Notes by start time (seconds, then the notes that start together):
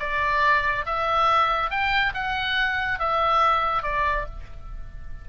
0.00 D5
0.86 E5
1.71 G5
2.14 F#5
2.99 E5
3.83 D5